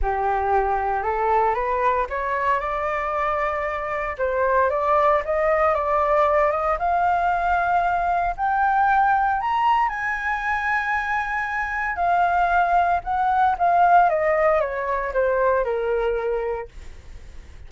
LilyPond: \new Staff \with { instrumentName = "flute" } { \time 4/4 \tempo 4 = 115 g'2 a'4 b'4 | cis''4 d''2. | c''4 d''4 dis''4 d''4~ | d''8 dis''8 f''2. |
g''2 ais''4 gis''4~ | gis''2. f''4~ | f''4 fis''4 f''4 dis''4 | cis''4 c''4 ais'2 | }